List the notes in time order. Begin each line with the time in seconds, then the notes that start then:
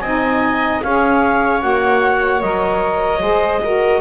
0.00 C4 D#4 D#5 G#5
0.83 C#4 G#4 C#5 F5
1.60 A#3 F#4 F#5
2.42 F#3 A#4 D#5
3.20 G#3 G#4 C5
3.64 F#4 A#4